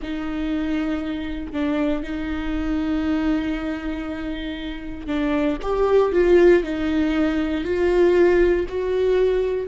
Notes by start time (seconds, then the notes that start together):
0.02 D#4
1.52 D4
2.03 D#4
5.06 D4
5.62 G4
6.12 F4
6.63 D#4
7.64 F4
8.68 F#4